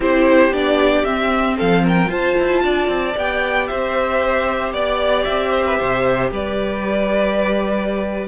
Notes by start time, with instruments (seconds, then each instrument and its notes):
0.00 cello C4, viola E4, violin G4 C5
0.50 cello B3, viola D4, violin D5
1.04 cello C4, viola C4, violin E5
1.56 cello F3, violin A4 F5
1.84 violin A#4 G5
2.07 viola F4, cello F4, violin C5 A5
2.38 cello E4
2.63 cello D4, violin D5
2.88 cello C4
3.17 cello B3, viola G4, violin G5
3.67 cello C4, violin C5 E5
4.72 cello B3, violin D5
5.24 cello C4, violin E5
5.51 violin C5
5.65 violin B4
5.77 cello C3, violin C5
6.30 cello G3, violin B4 D5